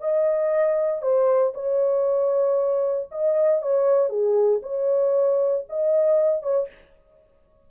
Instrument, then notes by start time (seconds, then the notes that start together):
horn
0.00 D#5
1.02 C5
1.54 C#5
3.11 D#5
3.62 C#5
4.09 G#4
4.62 C#5
5.69 D#5
6.42 C#5